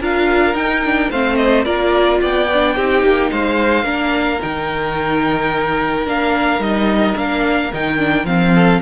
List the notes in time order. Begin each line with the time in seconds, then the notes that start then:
0.00 D4 F4 A#4 F5
0.54 D#4 G5
0.85 D4
1.11 A3 C4 C5 F5
1.36 D#5
1.64 A#3 F4 A#4 D5
2.21 B3 D5 G5
2.53 D4
2.76 C4 D#4 G4
3.03 A#3
3.31 G#3 C5 F5
3.84 A#3 D4 A#4
4.41 D#3 D#4 G5
6.06 A#3 D4 F5
6.59 G3 D#4 D#5
7.16 A#3 D4 F5
7.73 D#3 D#4 G5
7.98 D4
8.24 F3 C4 F5
8.54 A4